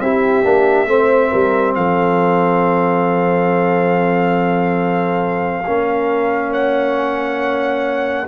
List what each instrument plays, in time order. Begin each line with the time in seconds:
0.00 tuba C4, trombone E4, horn G4, trumpet E5
0.43 tuba A#3, trombone D4
0.86 tuba A3, trombone C4, horn C5
1.31 tuba G3, horn A#4
1.75 tuba F3, horn A4, trumpet F5
5.66 tuba A#3, trombone C#4, horn A#4
6.51 horn C#5, trumpet F#5